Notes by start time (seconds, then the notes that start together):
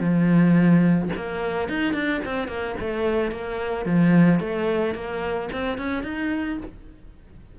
0.00 F3
1.16 A#3
1.69 D#4
1.94 D4
2.25 C4
2.48 A#3
2.80 A3
3.31 A#3
3.86 F3
4.40 A3
4.95 A#3
5.52 C4
5.78 C#4
6.03 D#4